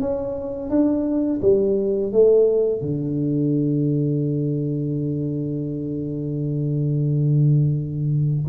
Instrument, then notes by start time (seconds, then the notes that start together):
tuba
0.00 C#4
0.69 D4
1.41 G3
2.12 A3
2.81 D3